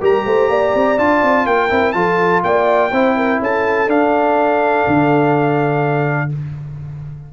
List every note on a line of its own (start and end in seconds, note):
0.00 0.25 G3
0.00 0.97 G4
0.00 0.24 A#4
0.00 0.98 A#5
0.25 0.49 A3
0.25 0.50 C5
0.49 0.73 A#3
0.49 1.46 D5
0.74 0.98 C4
0.98 1.22 D4
0.98 1.69 F4
0.98 1.46 A5
1.22 1.46 C4
1.46 1.70 A#3
1.46 1.95 A#4
1.46 1.92 G5
1.69 1.94 C4
1.69 1.93 E4
1.92 2.42 F3
1.92 2.90 F4
1.92 2.43 A4
1.92 2.40 A5
2.43 2.91 A#3
2.43 2.91 D5
2.43 3.40 G5
2.91 3.39 C4
2.91 3.87 E4
2.91 3.15 C5
3.16 3.40 A#4
3.41 3.87 C#4
3.41 6.32 A4
3.41 3.89 A5
3.87 6.29 D4
3.87 4.84 D4
3.87 6.31 F5
4.87 6.32 D3